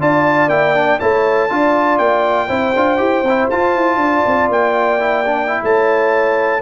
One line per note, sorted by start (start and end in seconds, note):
0.00 0.48 D4
0.00 0.50 F4
0.00 1.00 D5
0.00 0.50 A5
0.48 0.98 A#3
0.48 0.75 E4
0.48 1.00 G5
0.75 1.00 D4
1.00 1.51 A3
1.00 1.50 E4
1.00 1.50 C#5
1.00 1.98 A5
1.50 1.99 D4
1.50 2.49 F4
1.50 2.48 D5
1.98 2.49 A#3
1.98 3.48 G5
2.48 2.75 C4
2.48 2.74 E4
2.48 3.98 C5
2.76 3.00 D4
2.76 2.98 F4
2.98 3.23 E4
2.98 3.23 G4
3.23 3.48 C4
3.23 3.52 E4
3.50 3.76 F4
3.50 5.00 F4
3.50 4.50 A5
3.76 3.96 E4
3.96 4.21 D4
3.96 5.63 D5
4.26 4.49 C4
4.49 5.61 A#3
4.49 5.64 G5
5.00 5.25 E4
5.26 5.47 D4
5.47 6.60 E4
5.63 6.62 A3
5.63 6.62 C#5
5.63 6.62 A5